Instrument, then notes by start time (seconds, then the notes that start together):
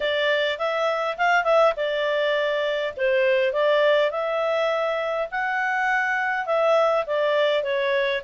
clarinet
0.00 D5
0.58 E5
1.17 F5
1.44 E5
1.76 D5
2.96 C5
3.52 D5
4.10 E5
5.31 F#5
6.45 E5
7.06 D5
7.63 C#5